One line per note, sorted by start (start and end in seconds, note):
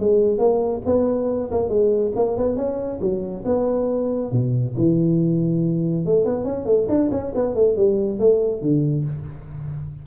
0.00 0.39 G#3
0.39 0.82 A#3
0.86 1.51 B3
1.52 1.69 A#3
1.69 2.12 G#3
2.16 2.38 A#3
2.38 2.57 B3
2.57 3.00 C#4
3.01 3.44 F#3
3.46 4.32 B3
4.32 4.75 B2
4.77 6.06 E3
6.06 6.26 A3
6.26 6.45 B3
6.45 6.66 C#4
6.66 6.88 A3
6.89 7.11 D4
7.12 7.33 C#4
7.35 7.55 B3
7.55 7.77 A3
7.77 8.20 G3
8.20 8.62 A3
8.62 9.05 D3